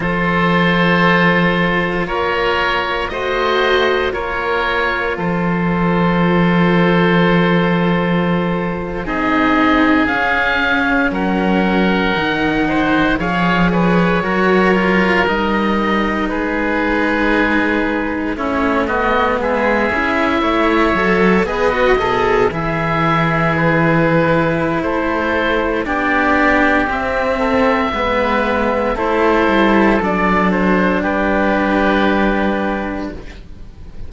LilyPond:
<<
  \new Staff \with { instrumentName = "oboe" } { \time 4/4 \tempo 4 = 58 c''2 cis''4 dis''4 | cis''4 c''2.~ | c''8. dis''4 f''4 fis''4~ fis''16~ | fis''8. f''8 cis''4. dis''4 b'16~ |
b'4.~ b'16 cis''8 dis''8 e''4~ e''16~ | e''8. dis''4 e''4 b'4~ b'16 | c''4 d''4 e''2 | c''4 d''8 c''8 b'2 | }
  \new Staff \with { instrumentName = "oboe" } { \time 4/4 a'2 ais'4 c''4 | ais'4 a'2.~ | a'8. gis'2 ais'4~ ais'16~ | ais'16 c''8 cis''8 b'8 ais'2 gis'16~ |
gis'4.~ gis'16 e'8 fis'8 gis'4 cis''16~ | cis''8. b'8 a'8 gis'2~ gis'16 | a'4 g'4. a'8 b'4 | a'2 g'2 | }
  \new Staff \with { instrumentName = "cello" } { \time 4/4 f'2. fis'4 | f'1~ | f'8. dis'4 cis'2 dis'16~ | dis'8. gis'4 fis'8 f'8 dis'4~ dis'16~ |
dis'4.~ dis'16 cis'8 b4 e'8.~ | e'16 a'8 gis'16 fis'16 gis'8 e'2~ e'16~ | e'4 d'4 c'4 b4 | e'4 d'2. | }
  \new Staff \with { instrumentName = "cello" } { \time 4/4 f2 ais4 a4 | ais4 f2.~ | f8. c'4 cis'4 fis4 dis16~ | dis8. f4 fis4 g4 gis16~ |
gis4.~ gis16 a4 gis8 cis'8 a16~ | a16 fis8 b8 b,8 e2~ e16 | a4 b4 c'4 gis4 | a8 g8 fis4 g2 | }
>>